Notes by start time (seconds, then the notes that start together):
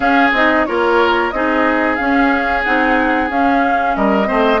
0.00 C#4 G#4 F5
0.32 C4 D#4 D#5
0.65 A#3 F4 A#4 C#5
1.30 C4 D#4 G#4 D#5
1.95 C#4 F5
2.64 C4 D#4 F#5
3.29 C#4 F5
3.95 G3 A#4 D#5
4.25 A3 C4 C5